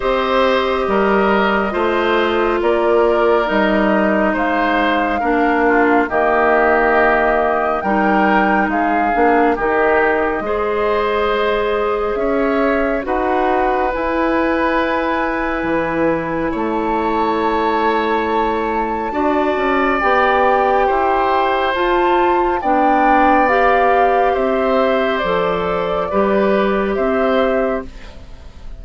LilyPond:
<<
  \new Staff \with { instrumentName = "flute" } { \time 4/4 \tempo 4 = 69 dis''2. d''4 | dis''4 f''2 dis''4~ | dis''4 g''4 f''4 dis''4~ | dis''2 e''4 fis''4 |
gis''2. a''4~ | a''2. g''4~ | g''4 a''4 g''4 f''4 | e''4 d''2 e''4 | }
  \new Staff \with { instrumentName = "oboe" } { \time 4/4 c''4 ais'4 c''4 ais'4~ | ais'4 c''4 ais'8 f'8 g'4~ | g'4 ais'4 gis'4 g'4 | c''2 cis''4 b'4~ |
b'2. cis''4~ | cis''2 d''2 | c''2 d''2 | c''2 b'4 c''4 | }
  \new Staff \with { instrumentName = "clarinet" } { \time 4/4 g'2 f'2 | dis'2 d'4 ais4~ | ais4 dis'4. d'8 dis'4 | gis'2. fis'4 |
e'1~ | e'2 fis'4 g'4~ | g'4 f'4 d'4 g'4~ | g'4 a'4 g'2 | }
  \new Staff \with { instrumentName = "bassoon" } { \time 4/4 c'4 g4 a4 ais4 | g4 gis4 ais4 dis4~ | dis4 g4 gis8 ais8 dis4 | gis2 cis'4 dis'4 |
e'2 e4 a4~ | a2 d'8 cis'8 b4 | e'4 f'4 b2 | c'4 f4 g4 c'4 | }
>>